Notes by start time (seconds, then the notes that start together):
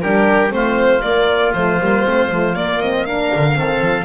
0.00 G3 D4 G4 A#4
0.49 A3 C4 F4 C5
1.01 A#3 D5
1.53 F3 A3 C5
1.79 G3 A#3
2.05 A3 C4
2.31 F3 A3
2.54 A#3 D5
2.80 C4 D#5
3.05 D4 A#4 F5
3.35 D3
3.53 D#3 C4 A4
3.81 F3